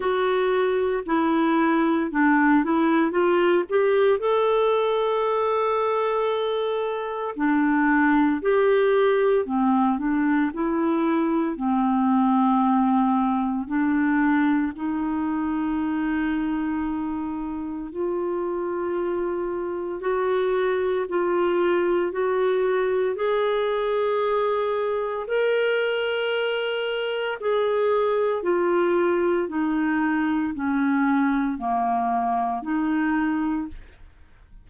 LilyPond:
\new Staff \with { instrumentName = "clarinet" } { \time 4/4 \tempo 4 = 57 fis'4 e'4 d'8 e'8 f'8 g'8 | a'2. d'4 | g'4 c'8 d'8 e'4 c'4~ | c'4 d'4 dis'2~ |
dis'4 f'2 fis'4 | f'4 fis'4 gis'2 | ais'2 gis'4 f'4 | dis'4 cis'4 ais4 dis'4 | }